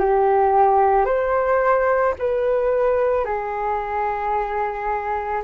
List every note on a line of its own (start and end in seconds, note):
0.00 1.06 G4
1.06 2.15 C5
2.19 3.25 B4
3.25 5.43 G#4